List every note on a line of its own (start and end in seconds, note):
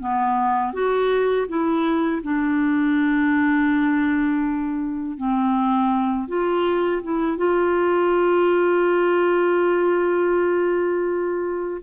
0.00 0.73 B3
0.73 1.47 F#4
1.48 2.22 E4
2.23 5.18 D4
5.18 6.28 C4
6.28 7.02 F4
7.03 7.38 E4
7.38 11.82 F4